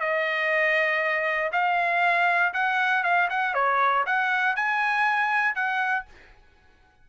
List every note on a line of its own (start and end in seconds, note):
0.00 1.51 D#5
1.52 2.53 F5
2.53 3.03 F#5
3.03 3.29 F5
3.30 3.55 F#5
3.55 4.05 C#5
4.06 4.56 F#5
4.56 5.55 G#5
5.55 6.06 F#5